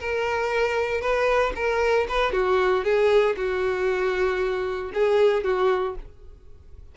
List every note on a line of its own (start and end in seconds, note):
0.00 1.01 A#4
1.01 1.53 B4
1.56 2.07 A#4
2.09 2.33 B4
2.33 2.84 F#4
2.84 3.36 G#4
3.37 4.92 F#4
4.94 5.44 G#4
5.44 5.96 F#4